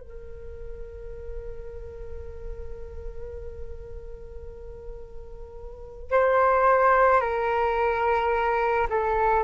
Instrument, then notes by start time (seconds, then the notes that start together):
flute
0.00 A#4
6.11 C5
7.20 A#4
8.89 A4